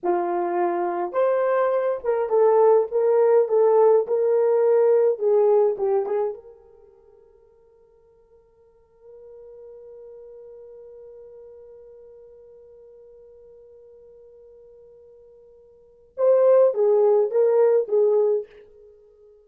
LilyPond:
\new Staff \with { instrumentName = "horn" } { \time 4/4 \tempo 4 = 104 f'2 c''4. ais'8 | a'4 ais'4 a'4 ais'4~ | ais'4 gis'4 g'8 gis'8 ais'4~ | ais'1~ |
ais'1~ | ais'1~ | ais'1 | c''4 gis'4 ais'4 gis'4 | }